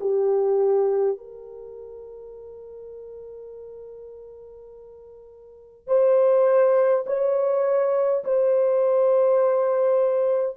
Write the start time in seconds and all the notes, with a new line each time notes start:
0.00 G4
1.17 A#4
5.87 C5
7.06 C#5
8.24 C5